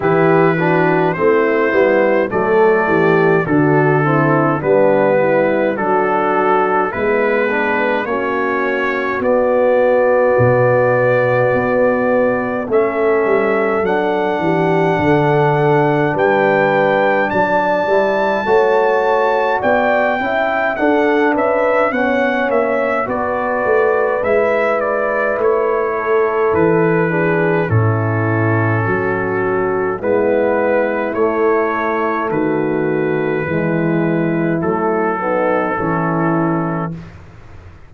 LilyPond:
<<
  \new Staff \with { instrumentName = "trumpet" } { \time 4/4 \tempo 4 = 52 b'4 c''4 d''4 a'4 | b'4 a'4 b'4 cis''4 | d''2. e''4 | fis''2 g''4 a''4~ |
a''4 g''4 fis''8 e''8 fis''8 e''8 | d''4 e''8 d''8 cis''4 b'4 | a'2 b'4 cis''4 | b'2 a'2 | }
  \new Staff \with { instrumentName = "horn" } { \time 4/4 g'8 fis'8 e'4 a'8 g'8 fis'8 e'8 | d'8 e'8 fis'4 b4 fis'4~ | fis'2. a'4~ | a'8 g'8 a'4 b'4 d''4 |
cis''4 d''8 e''8 a'8 b'8 cis''4 | b'2~ b'8 a'4 gis'8 | e'4 fis'4 e'2 | fis'4 e'4. dis'8 e'4 | }
  \new Staff \with { instrumentName = "trombone" } { \time 4/4 e'8 d'8 c'8 b8 a4 d'8 c'8 | b4 d'4 e'8 d'8 cis'4 | b2. cis'4 | d'2.~ d'8 e'8 |
fis'4. e'8 d'4 cis'4 | fis'4 e'2~ e'8 d'8 | cis'2 b4 a4~ | a4 gis4 a8 b8 cis'4 | }
  \new Staff \with { instrumentName = "tuba" } { \time 4/4 e4 a8 g8 fis8 e8 d4 | g4 fis4 gis4 ais4 | b4 b,4 b4 a8 g8 | fis8 e8 d4 g4 fis8 g8 |
a4 b8 cis'8 d'8 cis'8 b8 ais8 | b8 a8 gis4 a4 e4 | a,4 fis4 gis4 a4 | dis4 e4 fis4 e4 | }
>>